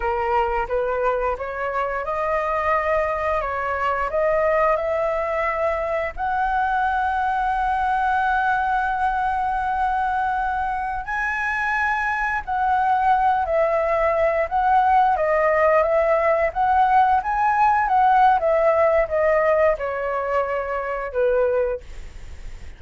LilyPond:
\new Staff \with { instrumentName = "flute" } { \time 4/4 \tempo 4 = 88 ais'4 b'4 cis''4 dis''4~ | dis''4 cis''4 dis''4 e''4~ | e''4 fis''2.~ | fis''1~ |
fis''16 gis''2 fis''4. e''16~ | e''4~ e''16 fis''4 dis''4 e''8.~ | e''16 fis''4 gis''4 fis''8. e''4 | dis''4 cis''2 b'4 | }